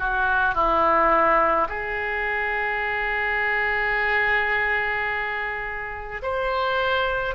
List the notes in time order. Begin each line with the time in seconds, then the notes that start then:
0.00 F#4
0.55 E4
1.69 G#4
6.23 C5